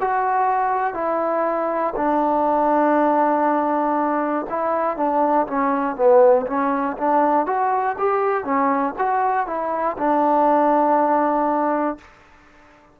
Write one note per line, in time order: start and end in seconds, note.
0.00 0.94 F#4
0.94 1.94 E4
1.96 4.46 D4
4.50 4.97 E4
4.97 5.47 D4
5.47 5.95 C#4
5.95 6.45 B3
6.47 6.97 C#4
6.97 7.46 D4
7.46 7.96 F#4
7.98 8.44 G4
8.44 8.94 C#4
8.98 9.46 F#4
9.46 9.96 E4
9.98 11.98 D4